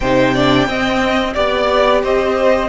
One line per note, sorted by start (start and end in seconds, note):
0.00 0.67 C3
0.00 0.35 D#4
0.00 0.34 C5
0.00 1.33 G5
0.34 0.67 D4
0.34 0.67 D5
0.67 1.35 C4
0.67 1.33 D#5
1.33 2.03 B3
1.33 2.69 G4
1.33 2.01 D5
1.33 2.02 D5
2.03 2.69 C4
2.03 2.69 C5
2.03 2.69 D#5